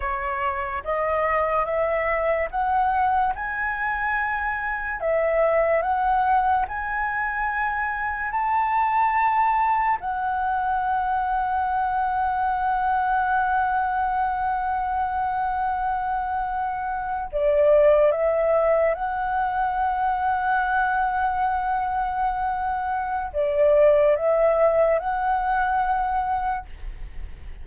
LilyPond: \new Staff \with { instrumentName = "flute" } { \time 4/4 \tempo 4 = 72 cis''4 dis''4 e''4 fis''4 | gis''2 e''4 fis''4 | gis''2 a''2 | fis''1~ |
fis''1~ | fis''8. d''4 e''4 fis''4~ fis''16~ | fis''1 | d''4 e''4 fis''2 | }